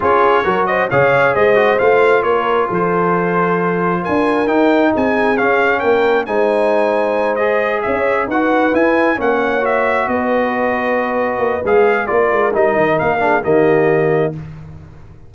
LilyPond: <<
  \new Staff \with { instrumentName = "trumpet" } { \time 4/4 \tempo 4 = 134 cis''4. dis''8 f''4 dis''4 | f''4 cis''4 c''2~ | c''4 gis''4 g''4 gis''4 | f''4 g''4 gis''2~ |
gis''8 dis''4 e''4 fis''4 gis''8~ | gis''8 fis''4 e''4 dis''4.~ | dis''2 f''4 d''4 | dis''4 f''4 dis''2 | }
  \new Staff \with { instrumentName = "horn" } { \time 4/4 gis'4 ais'8 c''8 cis''4 c''4~ | c''4 ais'4 a'2~ | a'4 ais'2 gis'4~ | gis'4 ais'4 c''2~ |
c''4. cis''4 b'4.~ | b'8 cis''2 b'4.~ | b'2. ais'4~ | ais'4. gis'8 g'2 | }
  \new Staff \with { instrumentName = "trombone" } { \time 4/4 f'4 fis'4 gis'4. fis'8 | f'1~ | f'2 dis'2 | cis'2 dis'2~ |
dis'8 gis'2 fis'4 e'8~ | e'8 cis'4 fis'2~ fis'8~ | fis'2 gis'4 f'4 | dis'4. d'8 ais2 | }
  \new Staff \with { instrumentName = "tuba" } { \time 4/4 cis'4 fis4 cis4 gis4 | a4 ais4 f2~ | f4 d'4 dis'4 c'4 | cis'4 ais4 gis2~ |
gis4. cis'4 dis'4 e'8~ | e'8 ais2 b4.~ | b4. ais8 gis4 ais8 gis8 | g8 dis8 ais4 dis2 | }
>>